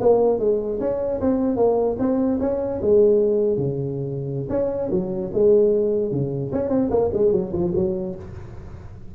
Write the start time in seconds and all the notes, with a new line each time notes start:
0.00 A#3
0.40 G#3
0.80 C#4
1.21 C4
1.56 A#3
1.99 C4
2.40 C#4
2.82 G#3
3.57 C#3
4.50 C#4
4.91 F#3
5.34 G#3
6.12 C#3
6.53 C#4
6.70 C4
6.91 A#3
7.13 G#3
7.33 F#3
7.53 F3
7.75 F#3